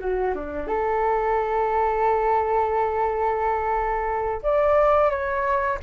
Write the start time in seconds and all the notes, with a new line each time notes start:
0.00 F#4
0.35 D4
0.68 A4
4.43 D5
5.11 C#5